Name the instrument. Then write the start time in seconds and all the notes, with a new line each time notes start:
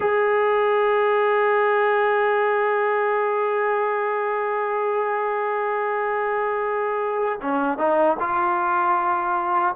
trombone
0.00 G#4
7.41 C#4
7.77 D#4
8.19 F4